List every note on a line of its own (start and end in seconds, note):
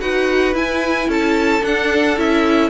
0.00 0.54 D#4
0.00 0.54 F#4
0.00 1.09 B4
0.00 0.54 F#5
0.54 1.62 E4
0.54 1.08 E4
0.54 1.10 G#5
1.08 1.62 C#4
1.08 2.70 A4
1.08 1.65 A5
1.62 2.16 D4
1.62 2.18 D4
1.62 2.19 F#5
2.17 2.70 C#4
2.17 2.70 E4
2.17 2.70 E5